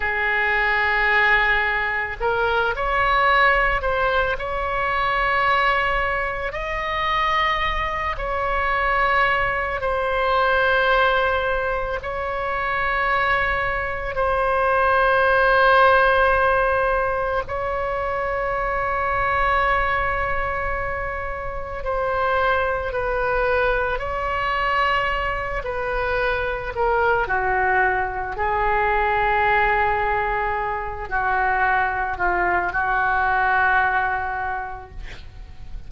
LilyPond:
\new Staff \with { instrumentName = "oboe" } { \time 4/4 \tempo 4 = 55 gis'2 ais'8 cis''4 c''8 | cis''2 dis''4. cis''8~ | cis''4 c''2 cis''4~ | cis''4 c''2. |
cis''1 | c''4 b'4 cis''4. b'8~ | b'8 ais'8 fis'4 gis'2~ | gis'8 fis'4 f'8 fis'2 | }